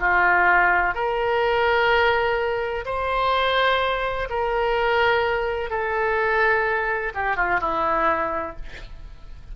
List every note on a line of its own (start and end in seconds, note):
0.00 0.94 F4
0.94 2.85 A#4
2.86 4.29 C5
4.30 5.70 A#4
5.70 7.13 A4
7.15 7.37 G4
7.37 7.61 F4
7.61 8.56 E4